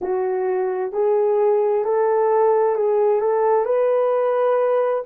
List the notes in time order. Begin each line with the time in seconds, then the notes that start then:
0.01 F#4
0.92 G#4
1.84 A4
2.75 G#4
3.20 A4
3.65 B4